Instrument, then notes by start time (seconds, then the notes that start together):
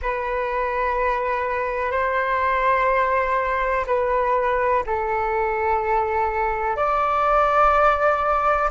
flute
0.01 B4
1.91 C5
3.87 B4
4.86 A4
6.76 D5